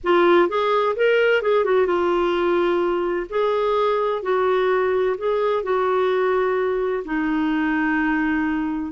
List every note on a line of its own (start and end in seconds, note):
0.03 0.48 F4
0.48 0.95 G#4
0.95 1.42 A#4
1.42 1.64 G#4
1.64 1.86 F#4
1.86 3.26 F4
3.29 4.22 G#4
4.22 5.16 F#4
5.17 5.63 G#4
5.63 7.03 F#4
7.04 8.92 D#4